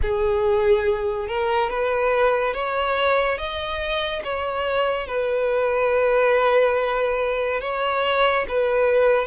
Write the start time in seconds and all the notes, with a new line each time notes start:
0.02 G#4
1.28 A#4
1.69 B4
2.54 C#5
3.38 D#5
4.24 C#5
5.07 B4
7.61 C#5
8.48 B4